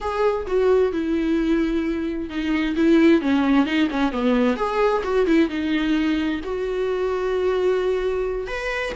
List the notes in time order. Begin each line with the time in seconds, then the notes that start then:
0.00 G#4
0.46 F#4
0.92 E4
2.29 D#4
2.75 E4
3.21 C#4
3.65 D#4
3.90 C#4
4.12 B3
4.56 G#4
5.03 F#4
5.26 E4
5.49 D#4
6.44 F#4
8.47 B4